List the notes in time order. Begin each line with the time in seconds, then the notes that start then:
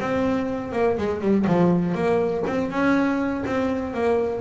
0.00 C4
0.72 A#3
0.97 G#3
1.21 G3
1.47 F3
1.95 A#3
2.47 C4
2.70 C#4
3.46 C4
3.94 A#3